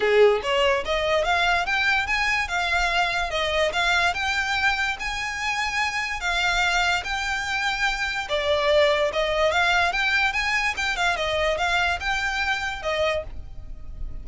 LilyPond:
\new Staff \with { instrumentName = "violin" } { \time 4/4 \tempo 4 = 145 gis'4 cis''4 dis''4 f''4 | g''4 gis''4 f''2 | dis''4 f''4 g''2 | gis''2. f''4~ |
f''4 g''2. | d''2 dis''4 f''4 | g''4 gis''4 g''8 f''8 dis''4 | f''4 g''2 dis''4 | }